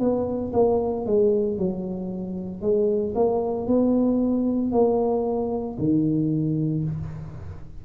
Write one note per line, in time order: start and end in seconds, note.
0.00 0.53 B3
0.54 1.06 A#3
1.06 1.58 G#3
1.58 2.62 F#3
2.62 3.14 G#3
3.16 3.67 A#3
3.67 4.72 B3
4.72 5.78 A#3
5.79 6.84 D#3